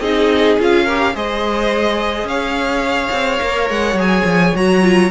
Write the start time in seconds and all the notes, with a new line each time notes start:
0.00 C4 D#4 G#4 D#5
0.59 C#4 F4 F5
0.85 G4 A#4
1.14 G#3 G#4 C5 D#5
2.24 C#4 C#5 F5
3.11 C4
3.39 A#3 A#4
3.70 G#3 F#5
3.94 F#3 G#4
4.01 G#5
4.24 F3
4.54 F#3 F#4 A#5
4.82 F4